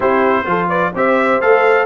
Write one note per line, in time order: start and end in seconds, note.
0.00 0.46 C4
0.00 0.45 E4
0.00 0.45 G4
0.00 0.68 C5
0.45 0.92 F3
0.45 0.92 F4
0.45 0.68 A4
0.68 0.92 B4
0.68 0.92 D5
0.94 1.40 C4
0.94 1.41 G4
0.94 1.86 C5
0.94 1.41 E5
1.40 1.86 A3
1.40 1.86 A4
1.40 1.86 F5